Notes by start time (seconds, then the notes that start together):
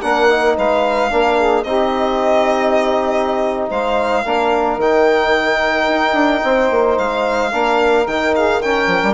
0.00 A#3 D4 A#4 F#5
0.28 D#4
0.56 G#3 B4 F5
1.10 A#3 D4 A#4
1.38 G#4
1.63 C4 D#4 G4 D#5
3.69 G#3 C5 F5
4.23 A#3 D4 A#4
4.77 D#3 D#4 G5
5.87 D#4
6.12 D4
6.44 C4 C5
6.70 A#3
6.97 G#3 F5
7.50 A#3 D4 A#4
8.06 D#3 D#4 G5
8.35 G#4 F5
8.61 C#4 A#4 G5
8.86 F3
9.03 G3